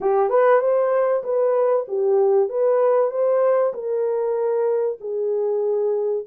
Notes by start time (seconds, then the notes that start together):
0.00 G4
0.29 B4
0.60 C5
1.23 B4
1.88 G4
2.49 B4
3.10 C5
3.73 A#4
5.00 G#4